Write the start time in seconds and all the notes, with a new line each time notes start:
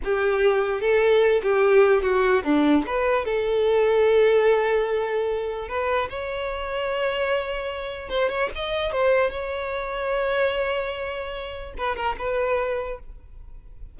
0.04 G4
0.80 A4
1.43 G4
2.02 F#4
2.43 D4
2.86 B4
3.25 A4
5.68 B4
6.09 C#5
8.09 C5
8.29 C#5
8.55 D#5
8.92 C5
9.30 C#5
11.77 B4
11.95 A#4
12.18 B4